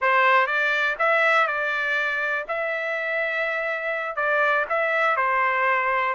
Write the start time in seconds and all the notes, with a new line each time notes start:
0.01 C5
0.46 D5
0.98 E5
1.47 D5
2.48 E5
4.16 D5
4.69 E5
5.16 C5